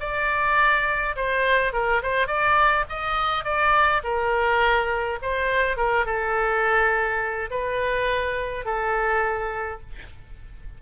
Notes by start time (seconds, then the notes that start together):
0.00 D5
1.16 C5
1.73 A#4
2.02 C5
2.27 D5
2.89 D#5
3.44 D5
4.04 A#4
5.22 C5
5.77 A#4
6.06 A4
7.50 B4
8.65 A4